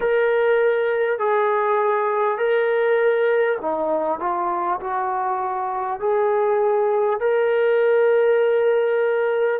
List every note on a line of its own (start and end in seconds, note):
0.00 1.18 A#4
1.18 2.37 G#4
2.37 3.57 A#4
3.61 4.19 D#4
4.19 4.79 F4
4.80 6.00 F#4
6.00 7.19 G#4
7.19 9.59 A#4